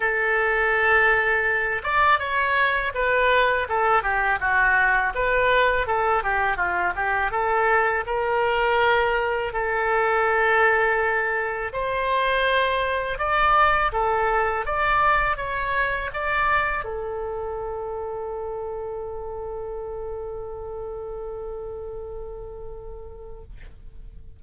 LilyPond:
\new Staff \with { instrumentName = "oboe" } { \time 4/4 \tempo 4 = 82 a'2~ a'8 d''8 cis''4 | b'4 a'8 g'8 fis'4 b'4 | a'8 g'8 f'8 g'8 a'4 ais'4~ | ais'4 a'2. |
c''2 d''4 a'4 | d''4 cis''4 d''4 a'4~ | a'1~ | a'1 | }